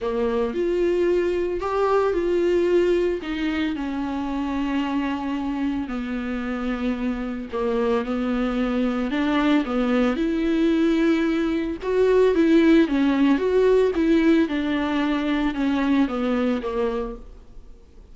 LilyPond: \new Staff \with { instrumentName = "viola" } { \time 4/4 \tempo 4 = 112 ais4 f'2 g'4 | f'2 dis'4 cis'4~ | cis'2. b4~ | b2 ais4 b4~ |
b4 d'4 b4 e'4~ | e'2 fis'4 e'4 | cis'4 fis'4 e'4 d'4~ | d'4 cis'4 b4 ais4 | }